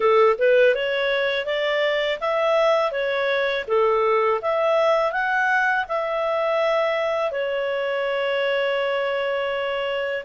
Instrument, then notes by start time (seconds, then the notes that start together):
clarinet
0.00 A4
0.38 B4
0.75 C#5
1.45 D5
2.20 E5
2.91 C#5
3.68 A4
4.41 E5
5.12 F#5
5.88 E5
7.31 C#5